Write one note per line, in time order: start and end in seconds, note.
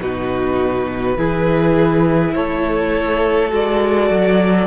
0.00 1.17 B2
0.00 1.18 D#4
0.00 1.18 F#4
0.00 2.34 B4
1.17 2.35 E3
1.17 3.50 E4
1.17 2.35 G#4
2.34 3.52 A3
2.34 4.67 A4
2.34 3.52 C#5
3.50 4.10 G#3
3.50 4.67 F#4
3.50 4.67 D5
4.10 4.67 F#3